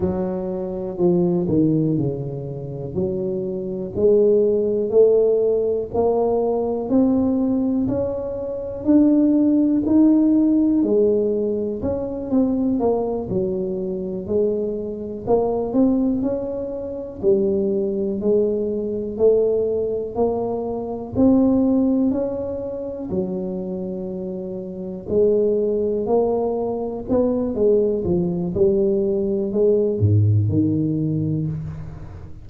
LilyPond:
\new Staff \with { instrumentName = "tuba" } { \time 4/4 \tempo 4 = 61 fis4 f8 dis8 cis4 fis4 | gis4 a4 ais4 c'4 | cis'4 d'4 dis'4 gis4 | cis'8 c'8 ais8 fis4 gis4 ais8 |
c'8 cis'4 g4 gis4 a8~ | a8 ais4 c'4 cis'4 fis8~ | fis4. gis4 ais4 b8 | gis8 f8 g4 gis8 gis,8 dis4 | }